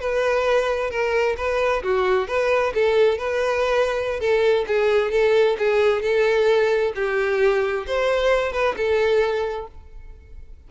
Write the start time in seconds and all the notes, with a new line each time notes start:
0.00 B4
0.90 A#4
1.37 B4
1.83 F#4
2.28 B4
2.74 A4
3.18 B4
4.20 A4
4.67 G#4
5.11 A4
5.58 G#4
6.02 A4
6.95 G4
7.87 C5
8.52 B4
8.77 A4